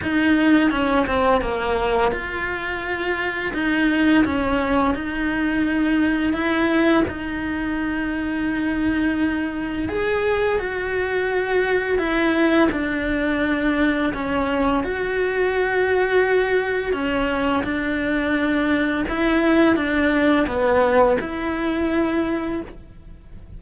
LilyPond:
\new Staff \with { instrumentName = "cello" } { \time 4/4 \tempo 4 = 85 dis'4 cis'8 c'8 ais4 f'4~ | f'4 dis'4 cis'4 dis'4~ | dis'4 e'4 dis'2~ | dis'2 gis'4 fis'4~ |
fis'4 e'4 d'2 | cis'4 fis'2. | cis'4 d'2 e'4 | d'4 b4 e'2 | }